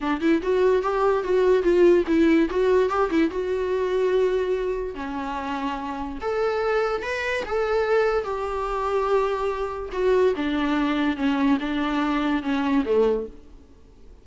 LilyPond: \new Staff \with { instrumentName = "viola" } { \time 4/4 \tempo 4 = 145 d'8 e'8 fis'4 g'4 fis'4 | f'4 e'4 fis'4 g'8 e'8 | fis'1 | cis'2. a'4~ |
a'4 b'4 a'2 | g'1 | fis'4 d'2 cis'4 | d'2 cis'4 a4 | }